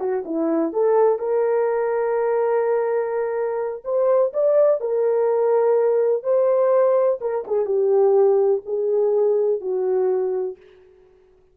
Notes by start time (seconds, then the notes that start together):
0.00 F#4
0.26 E4
0.73 A4
1.19 A#4
3.85 C5
4.34 D5
4.81 A#4
6.24 C5
7.21 A#4
7.47 G#4
7.66 G4
8.66 G#4
9.61 F#4